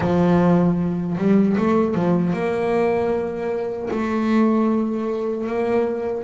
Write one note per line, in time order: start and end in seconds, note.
0.00 1.17 F3
1.17 1.56 G3
1.57 1.94 A3
1.94 2.33 F3
2.33 3.89 A#3
3.91 5.47 A3
5.47 6.23 A#3